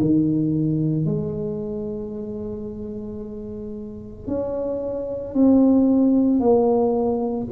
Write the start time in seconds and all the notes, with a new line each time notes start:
0.00 D#3
1.05 G#3
4.27 C#4
5.34 C4
6.39 A#3